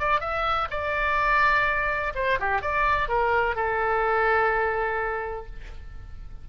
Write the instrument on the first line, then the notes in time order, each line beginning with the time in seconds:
oboe
0.00 D5
0.21 E5
0.71 D5
2.15 C5
2.40 G4
2.62 D5
3.09 A#4
3.56 A4